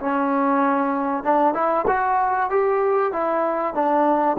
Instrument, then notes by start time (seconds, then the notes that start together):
trombone
0.00 C#4
1.23 D4
1.54 E4
1.87 F#4
2.50 G4
3.12 E4
3.74 D4